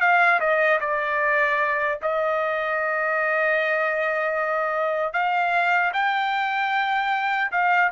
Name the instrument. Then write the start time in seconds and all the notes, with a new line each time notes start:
trumpet
0.00 F5
0.39 D#5
0.80 D5
2.02 D#5
5.13 F5
5.93 G5
7.51 F5